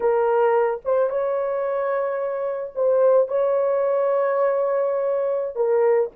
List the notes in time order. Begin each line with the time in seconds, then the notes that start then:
0.00 A#4
0.84 C5
1.09 C#5
2.75 C5
3.28 C#5
5.55 A#4